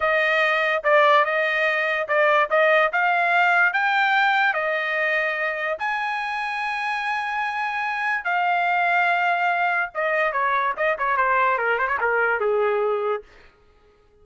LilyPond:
\new Staff \with { instrumentName = "trumpet" } { \time 4/4 \tempo 4 = 145 dis''2 d''4 dis''4~ | dis''4 d''4 dis''4 f''4~ | f''4 g''2 dis''4~ | dis''2 gis''2~ |
gis''1 | f''1 | dis''4 cis''4 dis''8 cis''8 c''4 | ais'8 c''16 cis''16 ais'4 gis'2 | }